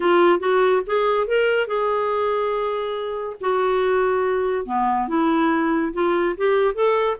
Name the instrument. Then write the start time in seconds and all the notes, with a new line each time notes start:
clarinet
0.00 F4
0.39 F#4
0.86 G#4
1.27 A#4
1.67 G#4
3.41 F#4
4.65 B3
5.08 E4
5.93 F4
6.37 G4
6.74 A4